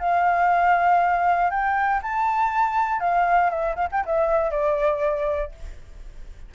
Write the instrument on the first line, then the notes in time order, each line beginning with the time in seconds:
flute
0.00 F5
1.51 G5
2.03 A5
3.00 F5
3.50 E5
3.76 F5
3.92 G5
4.06 E5
4.51 D5